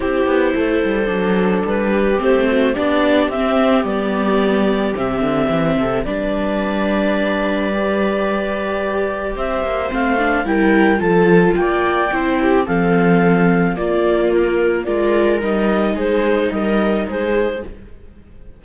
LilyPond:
<<
  \new Staff \with { instrumentName = "clarinet" } { \time 4/4 \tempo 4 = 109 c''2. b'4 | c''4 d''4 e''4 d''4~ | d''4 e''2 d''4~ | d''1~ |
d''4 e''4 f''4 g''4 | a''4 g''2 f''4~ | f''4 d''4 ais'4 d''4 | dis''4 c''4 dis''4 c''4 | }
  \new Staff \with { instrumentName = "viola" } { \time 4/4 g'4 a'2~ a'8 g'8~ | g'8 fis'8 g'2.~ | g'2~ g'8 a'8 b'4~ | b'1~ |
b'4 c''2 ais'4 | a'4 d''4 c''8 g'8 a'4~ | a'4 f'2 ais'4~ | ais'4 gis'4 ais'4 gis'4 | }
  \new Staff \with { instrumentName = "viola" } { \time 4/4 e'2 d'2 | c'4 d'4 c'4 b4~ | b4 c'2 d'4~ | d'2 g'2~ |
g'2 c'8 d'8 e'4 | f'2 e'4 c'4~ | c'4 ais2 f'4 | dis'1 | }
  \new Staff \with { instrumentName = "cello" } { \time 4/4 c'8 b8 a8 g8 fis4 g4 | a4 b4 c'4 g4~ | g4 c8 d8 e8 c8 g4~ | g1~ |
g4 c'8 ais8 a4 g4 | f4 ais4 c'4 f4~ | f4 ais2 gis4 | g4 gis4 g4 gis4 | }
>>